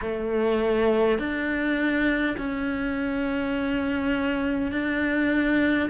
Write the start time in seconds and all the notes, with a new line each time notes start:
0.01 A3
1.18 D4
2.37 C#4
4.71 D4